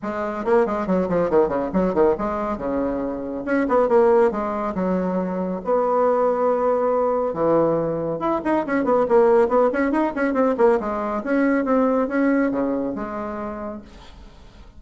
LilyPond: \new Staff \with { instrumentName = "bassoon" } { \time 4/4 \tempo 4 = 139 gis4 ais8 gis8 fis8 f8 dis8 cis8 | fis8 dis8 gis4 cis2 | cis'8 b8 ais4 gis4 fis4~ | fis4 b2.~ |
b4 e2 e'8 dis'8 | cis'8 b8 ais4 b8 cis'8 dis'8 cis'8 | c'8 ais8 gis4 cis'4 c'4 | cis'4 cis4 gis2 | }